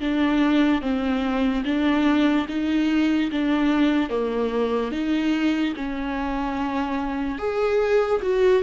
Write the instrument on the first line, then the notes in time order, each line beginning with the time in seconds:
viola
0.00 D4
0.81 C4
1.65 D4
2.48 D#4
3.31 D4
4.09 A#3
4.92 D#4
5.76 C#4
7.39 G#4
8.22 F#4